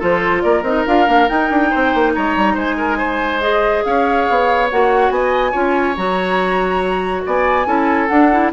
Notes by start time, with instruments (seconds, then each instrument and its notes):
0.00 bassoon F3, clarinet F4, oboe A4, flute C5
0.42 bassoon A#3, oboe A#4, flute D5
0.63 bassoon C4, clarinet D#4, flute D#5
0.87 bassoon D4, clarinet F4, flute F5
1.06 bassoon A#3, clarinet D4
1.29 clarinet D#4, bassoon D#4, flute G5
1.51 bassoon D4
1.71 bassoon C4, oboe C5
1.95 bassoon A#3
2.15 bassoon G#3, oboe C#5, flute A#5
2.37 bassoon G3
2.54 bassoon G#3, oboe C5, flute G#5
2.78 oboe A#4
2.98 oboe C5
3.41 clarinet G#4, flute D#5
3.85 bassoon C#4, oboe C#5, flute F5
4.30 bassoon B3
4.71 bassoon A#3, clarinet F#4, flute F#5
5.10 bassoon B3, oboe D#5, flute G#5
5.52 bassoon C#4, clarinet F4, oboe C#5
5.97 bassoon F#3, clarinet F#4, flute A#5
7.26 bassoon B3, oboe D5, flute G#5
7.66 bassoon C#4, clarinet E4, oboe A4
8.08 clarinet D4, bassoon D4, flute F#5
8.32 clarinet E4